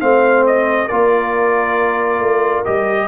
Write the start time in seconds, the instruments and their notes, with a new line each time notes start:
0.00 tuba A3, trombone C4, horn C5, trumpet F5
0.47 trumpet D#5
0.87 tuba A#3, trombone F4, horn A#4, trumpet D5
2.20 tuba A3
2.65 tuba G3, trombone G4, trumpet D#5